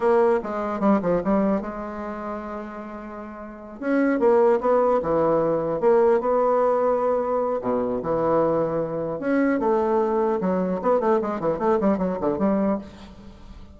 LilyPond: \new Staff \with { instrumentName = "bassoon" } { \time 4/4 \tempo 4 = 150 ais4 gis4 g8 f8 g4 | gis1~ | gis4. cis'4 ais4 b8~ | b8 e2 ais4 b8~ |
b2. b,4 | e2. cis'4 | a2 fis4 b8 a8 | gis8 e8 a8 g8 fis8 d8 g4 | }